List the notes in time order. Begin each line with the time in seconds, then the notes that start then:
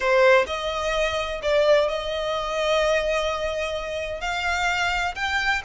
0.00 C5
0.47 D#5
1.42 D5
1.88 D#5
4.21 F5
5.15 G5